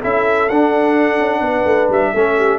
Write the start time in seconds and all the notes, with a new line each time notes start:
0.00 C#4 E4 A4 E5
0.48 D4 F#5
1.19 C#4
1.41 B3 B4
1.64 A3
1.89 G3 E5
2.12 A3 C#4 A4
2.37 G4